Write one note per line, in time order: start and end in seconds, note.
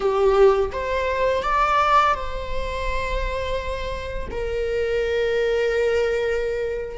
0.00 0.70 G4
0.71 1.43 C5
1.43 2.14 D5
2.14 4.28 C5
4.30 6.97 A#4